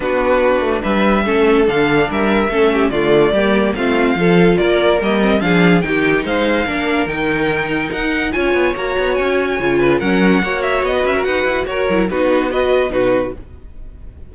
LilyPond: <<
  \new Staff \with { instrumentName = "violin" } { \time 4/4 \tempo 4 = 144 b'2 e''2 | f''4 e''2 d''4~ | d''4 f''2 d''4 | dis''4 f''4 g''4 f''4~ |
f''4 g''2 fis''4 | gis''4 ais''4 gis''2 | fis''4. e''8 dis''8 e''8 fis''4 | cis''4 b'4 dis''4 b'4 | }
  \new Staff \with { instrumentName = "violin" } { \time 4/4 fis'2 b'4 a'4~ | a'4 ais'4 a'8 g'8 f'4 | g'4 f'4 a'4 ais'4~ | ais'4 gis'4 g'4 c''4 |
ais'1 | cis''2.~ cis''8 b'8 | ais'4 cis''4~ cis''16 b'8 ais'16 b'4 | ais'4 fis'4 b'4 fis'4 | }
  \new Staff \with { instrumentName = "viola" } { \time 4/4 d'2. cis'4 | d'2 cis'4 a4 | ais4 c'4 f'2 | ais8 c'8 d'4 dis'2 |
d'4 dis'2. | f'4 fis'2 f'4 | cis'4 fis'2.~ | fis'8 e'8 dis'4 fis'4 dis'4 | }
  \new Staff \with { instrumentName = "cello" } { \time 4/4 b4. a8 g4 a4 | d4 g4 a4 d4 | g4 a4 f4 ais4 | g4 f4 dis4 gis4 |
ais4 dis2 dis'4 | cis'8 b8 ais8 b8 cis'4 cis4 | fis4 ais4 b8 cis'8 dis'8 e'8 | fis'8 fis8 b2 b,4 | }
>>